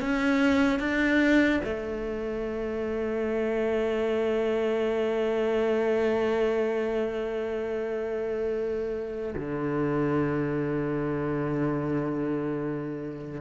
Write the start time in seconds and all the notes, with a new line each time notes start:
0.00 C#4
0.79 D4
1.64 A3
9.35 D3